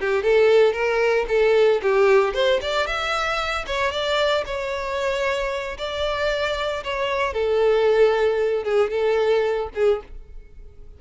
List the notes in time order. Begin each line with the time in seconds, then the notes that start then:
0.00 G4
0.23 A4
0.73 A#4
1.28 A4
1.82 G4
2.34 C5
2.61 D5
2.86 E5
3.66 C#5
3.91 D5
4.46 C#5
5.78 D5
6.83 C#5
7.33 A4
8.64 G#4
8.90 A4
9.74 G#4